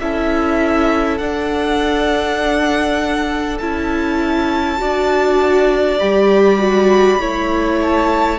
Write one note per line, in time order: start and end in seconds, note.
0.00 1.19 C#4
0.00 1.19 E4
0.00 4.81 A4
0.00 1.18 E5
1.18 3.59 D4
1.18 3.58 F#5
3.58 4.80 C#4
3.58 4.78 E4
3.58 5.98 A5
4.78 6.01 D4
4.78 5.98 F#4
4.78 7.21 D5
5.99 7.20 G3
5.99 6.59 G4
5.99 7.79 B5
6.59 7.19 F#4
7.19 8.39 A3
7.19 8.39 E4
7.19 8.39 C#5
7.82 8.39 A5